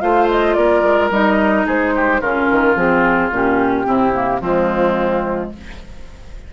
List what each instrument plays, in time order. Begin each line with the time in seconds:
0.00 bassoon A3, clarinet F4, oboe C5, flute F5
0.30 flute D#5
0.53 bassoon A#3, oboe A#4, flute D5
0.82 bassoon G#3
1.10 bassoon G3, clarinet D#4, flute D#5
1.66 bassoon G#3, oboe G#4, flute C5
1.95 oboe G4
2.21 bassoon C#3, clarinet C#4, oboe F4, flute A#4
2.51 bassoon D#3
2.75 bassoon F3, clarinet C4, flute G#4
3.30 bassoon A#2, clarinet C#4, flute G4
3.85 bassoon C3, clarinet C4, oboe E4
4.13 clarinet A#3
4.40 bassoon F3, clarinet G#3, oboe C4, flute F4